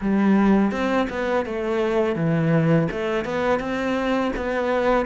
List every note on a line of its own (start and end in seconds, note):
0.01 0.71 G3
0.71 1.07 C4
1.09 1.45 B3
1.45 2.15 A3
2.15 2.88 E3
2.91 3.25 A3
3.25 3.59 B3
3.59 4.31 C4
4.36 5.06 B3